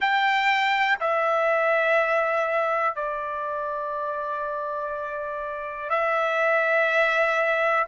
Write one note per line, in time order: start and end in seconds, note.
0.00 0.98 G5
1.00 2.95 E5
2.95 5.89 D5
5.89 7.86 E5